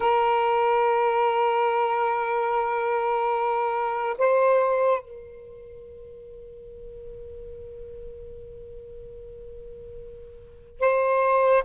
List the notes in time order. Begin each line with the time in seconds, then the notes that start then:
0.00 A#4
4.18 C5
5.01 A#4
10.80 C5